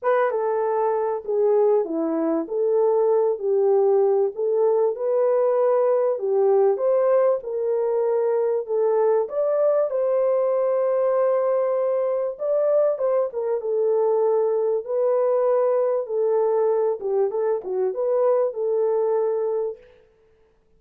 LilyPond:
\new Staff \with { instrumentName = "horn" } { \time 4/4 \tempo 4 = 97 b'8 a'4. gis'4 e'4 | a'4. g'4. a'4 | b'2 g'4 c''4 | ais'2 a'4 d''4 |
c''1 | d''4 c''8 ais'8 a'2 | b'2 a'4. g'8 | a'8 fis'8 b'4 a'2 | }